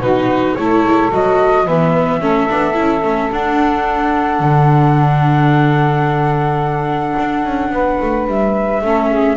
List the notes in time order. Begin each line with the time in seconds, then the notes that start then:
0.00 B2 D#4 F#4 B4
0.55 A3 E4 A4 C#5
0.84 G#3
1.11 F#3 F#4 D#5
1.65 E3 B3 B4 E5
2.21 A3 C#4 A4
2.49 B3 D4
2.74 C#4 E4
3.03 A3 C#4
3.32 D4 F#5
4.40 D3
7.19 D4
7.45 C#4
7.70 B3 B4
8.02 A3
8.27 G3 E5
8.82 A3 C#4 A4
9.10 G#4